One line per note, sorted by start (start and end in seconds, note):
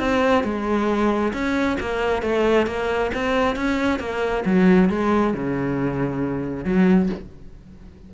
0.00 0.44 C4
0.44 1.33 G#3
1.33 1.78 C#4
1.81 2.23 A#3
2.23 2.67 A3
2.67 3.12 A#3
3.15 3.56 C4
3.56 4.00 C#4
4.00 4.44 A#3
4.46 4.90 F#3
4.90 5.34 G#3
5.34 6.65 C#3
6.65 7.10 F#3